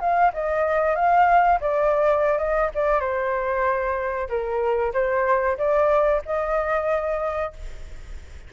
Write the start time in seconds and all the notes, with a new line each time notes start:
0.00 F5
0.33 D#5
0.95 F5
1.60 D5
2.38 D#5
2.74 D5
3.00 C5
4.29 A#4
4.93 C5
5.58 D5
6.25 D#5